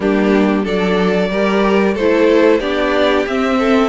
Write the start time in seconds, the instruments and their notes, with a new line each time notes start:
0.00 cello G3, viola A#3, violin D4 G4
0.64 cello F#3, viola D4, violin A4 D5
1.30 cello G3, viola G4, violin A#4
1.94 cello A3, viola E4, violin A4 C5
2.59 cello B3, viola D4, violin G4 D5
3.26 cello C4, viola C4, violin E5
3.59 violin A4